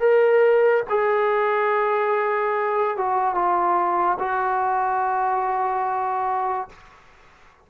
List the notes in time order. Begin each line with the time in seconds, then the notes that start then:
0.00 A#4
0.89 G#4
2.97 F#4
3.34 F4
4.19 F#4